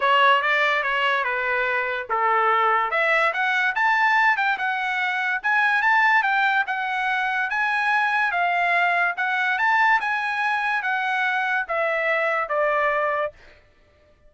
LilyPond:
\new Staff \with { instrumentName = "trumpet" } { \time 4/4 \tempo 4 = 144 cis''4 d''4 cis''4 b'4~ | b'4 a'2 e''4 | fis''4 a''4. g''8 fis''4~ | fis''4 gis''4 a''4 g''4 |
fis''2 gis''2 | f''2 fis''4 a''4 | gis''2 fis''2 | e''2 d''2 | }